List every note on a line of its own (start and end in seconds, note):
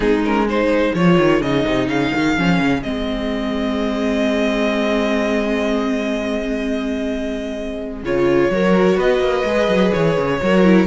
0.00 0.91 G#3
0.00 0.22 C4
0.00 0.47 D#4
0.00 0.20 G#4
0.24 0.48 C#4
0.24 0.48 A#4
0.47 0.96 D#4
0.47 8.50 G#4
0.47 0.94 C5
0.94 1.18 F3
0.94 1.44 F4
0.94 1.42 C#5
1.18 1.41 D#3
1.41 1.65 C#3
1.41 2.36 D#4
1.41 1.88 D#5
1.66 1.87 C3
1.87 2.11 C#3
1.87 2.82 F5
2.14 2.37 D#3
2.36 2.59 F3
2.36 2.84 C#4
2.59 2.83 C#3
2.82 8.03 G#3
2.82 8.03 C4
2.82 8.02 D#5
8.03 8.50 C#3
8.03 8.51 F4
8.03 8.99 C#5
8.50 8.97 F#3
8.50 9.46 F#4
8.50 8.97 A#4
8.97 9.19 B3
8.97 10.39 B4
8.97 9.92 D#5
9.19 9.43 A#3
9.44 9.67 G#3
9.44 10.41 G#4
9.68 9.91 F#3
9.92 10.17 E3
9.92 10.86 C#5
10.17 10.41 C#3
10.42 10.87 F#3
10.42 10.64 F#4
10.42 10.87 A#4
10.64 10.87 E4